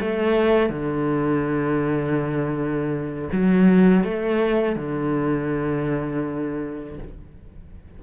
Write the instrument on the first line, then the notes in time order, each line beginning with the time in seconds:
cello
0.00 A3
0.69 D3
3.32 F#3
4.04 A3
4.76 D3